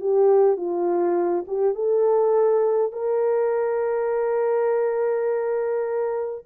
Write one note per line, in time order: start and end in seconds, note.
0.00 0.57 G4
0.57 1.45 F4
1.47 1.74 G4
1.74 2.92 A4
2.92 6.45 A#4